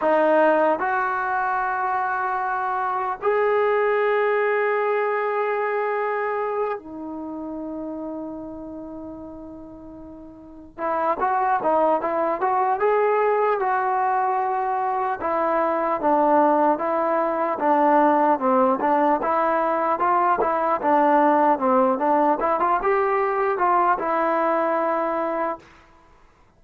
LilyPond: \new Staff \with { instrumentName = "trombone" } { \time 4/4 \tempo 4 = 75 dis'4 fis'2. | gis'1~ | gis'8 dis'2.~ dis'8~ | dis'4. e'8 fis'8 dis'8 e'8 fis'8 |
gis'4 fis'2 e'4 | d'4 e'4 d'4 c'8 d'8 | e'4 f'8 e'8 d'4 c'8 d'8 | e'16 f'16 g'4 f'8 e'2 | }